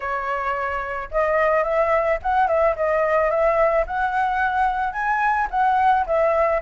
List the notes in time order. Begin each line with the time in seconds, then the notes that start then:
0.00 C#5
1.11 D#5
1.63 E5
2.22 F#5
2.47 E5
2.75 D#5
3.30 E5
3.87 F#5
4.92 G#5
5.50 F#5
6.06 E5